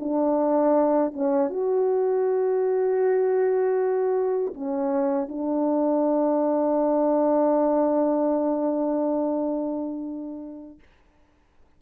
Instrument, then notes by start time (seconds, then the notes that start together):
horn
0.00 D4
1.14 C#4
1.50 F#4
4.55 C#4
5.29 D4